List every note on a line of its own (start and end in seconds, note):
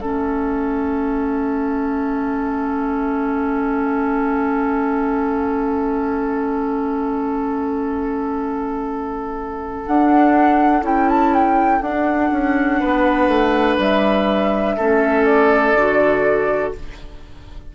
0.00 9.85 A3
0.00 9.85 C#4
0.00 12.80 A4
0.00 9.84 E5
9.86 10.82 D4
9.86 10.84 F#5
10.82 11.81 C#4
10.82 11.80 E4
10.82 11.10 G5
11.10 11.34 A5
11.34 11.83 G5
11.81 12.31 D4
11.81 14.79 D4
11.81 13.80 F#5
12.32 12.81 C#4
12.80 13.28 B3
12.80 14.76 B4
13.28 13.77 A3
13.78 14.77 G3
13.78 15.25 E5
14.77 15.74 A3
14.77 15.77 C#4
14.77 16.73 A4
15.25 16.73 D5
15.74 16.73 D3
15.74 16.75 F#4